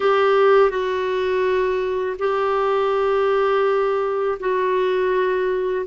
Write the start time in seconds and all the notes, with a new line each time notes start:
0.00 G4
0.70 F#4
2.19 G4
4.39 F#4